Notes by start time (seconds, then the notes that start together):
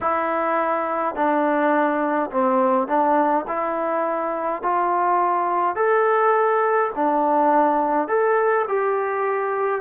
0.01 E4
1.15 D4
2.30 C4
2.87 D4
3.47 E4
4.62 F4
5.75 A4
6.95 D4
8.08 A4
8.67 G4